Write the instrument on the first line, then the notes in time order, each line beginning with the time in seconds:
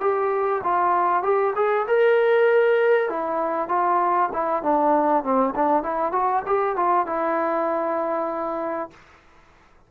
trombone
0.00 G4
0.63 F4
1.23 G4
1.56 G#4
1.88 A#4
3.09 E4
3.68 F4
4.33 E4
4.63 D4
5.23 C4
5.55 D4
5.83 E4
6.12 F#4
6.46 G4
6.76 F4
7.06 E4